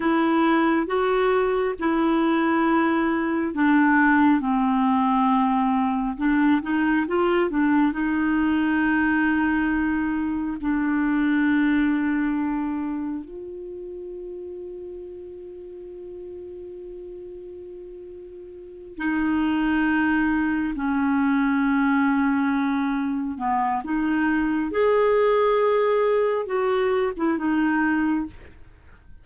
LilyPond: \new Staff \with { instrumentName = "clarinet" } { \time 4/4 \tempo 4 = 68 e'4 fis'4 e'2 | d'4 c'2 d'8 dis'8 | f'8 d'8 dis'2. | d'2. f'4~ |
f'1~ | f'4. dis'2 cis'8~ | cis'2~ cis'8 b8 dis'4 | gis'2 fis'8. e'16 dis'4 | }